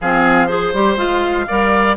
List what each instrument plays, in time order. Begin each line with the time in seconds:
0.01 bassoon F3, clarinet C4, oboe G#4, flute F5
0.47 clarinet G#4, oboe C5, flute C5
0.73 bassoon G3, clarinet G4
0.96 bassoon G#3, clarinet F4, flute F5
1.47 bassoon G3, clarinet A#4, oboe D5